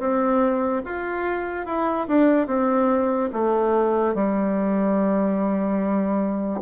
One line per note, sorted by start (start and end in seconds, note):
0.00 0.82 C4
0.85 1.66 F4
1.66 2.07 E4
2.08 2.47 D4
2.47 3.30 C4
3.33 4.15 A3
4.15 6.61 G3